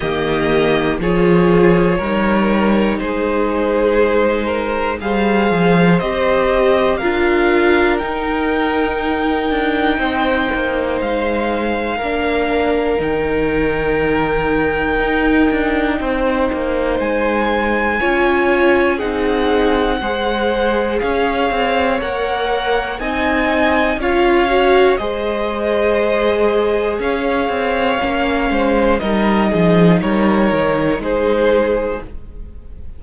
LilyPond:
<<
  \new Staff \with { instrumentName = "violin" } { \time 4/4 \tempo 4 = 60 dis''4 cis''2 c''4~ | c''4 f''4 dis''4 f''4 | g''2. f''4~ | f''4 g''2.~ |
g''4 gis''2 fis''4~ | fis''4 f''4 fis''4 gis''4 | f''4 dis''2 f''4~ | f''4 dis''4 cis''4 c''4 | }
  \new Staff \with { instrumentName = "violin" } { \time 4/4 g'4 gis'4 ais'4 gis'4~ | gis'8 ais'8 c''2 ais'4~ | ais'2 c''2 | ais'1 |
c''2 cis''4 gis'4 | c''4 cis''2 dis''4 | cis''4 c''2 cis''4~ | cis''8 c''8 ais'8 gis'8 ais'4 gis'4 | }
  \new Staff \with { instrumentName = "viola" } { \time 4/4 ais4 f'4 dis'2~ | dis'4 gis'4 g'4 f'4 | dis'1 | d'4 dis'2.~ |
dis'2 f'4 dis'4 | gis'2 ais'4 dis'4 | f'8 fis'8 gis'2. | cis'4 dis'2. | }
  \new Staff \with { instrumentName = "cello" } { \time 4/4 dis4 f4 g4 gis4~ | gis4 g8 f8 c'4 d'4 | dis'4. d'8 c'8 ais8 gis4 | ais4 dis2 dis'8 d'8 |
c'8 ais8 gis4 cis'4 c'4 | gis4 cis'8 c'8 ais4 c'4 | cis'4 gis2 cis'8 c'8 | ais8 gis8 g8 f8 g8 dis8 gis4 | }
>>